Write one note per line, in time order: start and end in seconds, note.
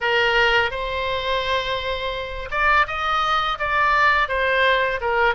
0.01 0.70 A#4
0.70 2.49 C5
2.50 2.86 D5
2.87 3.58 D#5
3.58 4.28 D5
4.28 5.00 C5
5.01 5.34 A#4